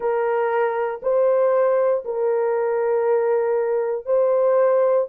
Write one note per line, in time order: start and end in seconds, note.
0.00 1.00 A#4
1.02 2.03 C5
2.04 4.05 A#4
4.05 5.07 C5